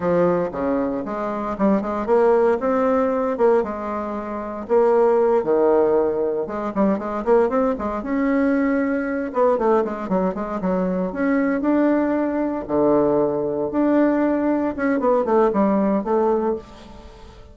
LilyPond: \new Staff \with { instrumentName = "bassoon" } { \time 4/4 \tempo 4 = 116 f4 cis4 gis4 g8 gis8 | ais4 c'4. ais8 gis4~ | gis4 ais4. dis4.~ | dis8 gis8 g8 gis8 ais8 c'8 gis8 cis'8~ |
cis'2 b8 a8 gis8 fis8 | gis8 fis4 cis'4 d'4.~ | d'8 d2 d'4.~ | d'8 cis'8 b8 a8 g4 a4 | }